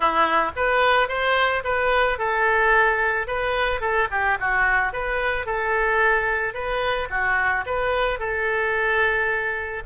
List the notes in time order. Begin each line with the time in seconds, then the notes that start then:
0.00 E4
0.56 B4
1.08 C5
1.63 B4
2.18 A4
3.27 B4
3.80 A4
4.10 G4
4.40 F#4
4.92 B4
5.46 A4
6.54 B4
7.10 F#4
7.66 B4
8.19 A4